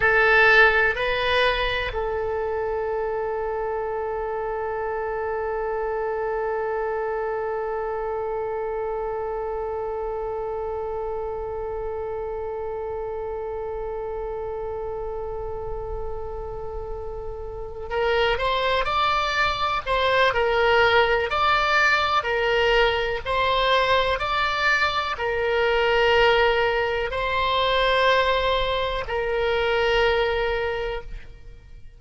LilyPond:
\new Staff \with { instrumentName = "oboe" } { \time 4/4 \tempo 4 = 62 a'4 b'4 a'2~ | a'1~ | a'1~ | a'1~ |
a'2~ a'8 ais'8 c''8 d''8~ | d''8 c''8 ais'4 d''4 ais'4 | c''4 d''4 ais'2 | c''2 ais'2 | }